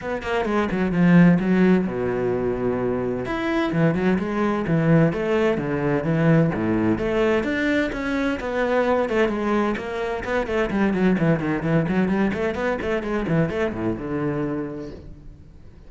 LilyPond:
\new Staff \with { instrumentName = "cello" } { \time 4/4 \tempo 4 = 129 b8 ais8 gis8 fis8 f4 fis4 | b,2. e'4 | e8 fis8 gis4 e4 a4 | d4 e4 a,4 a4 |
d'4 cis'4 b4. a8 | gis4 ais4 b8 a8 g8 fis8 | e8 dis8 e8 fis8 g8 a8 b8 a8 | gis8 e8 a8 a,8 d2 | }